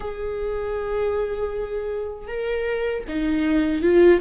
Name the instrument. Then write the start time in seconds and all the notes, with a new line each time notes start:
viola
0.00 G#4
2.27 A#4
3.08 D#4
3.81 F4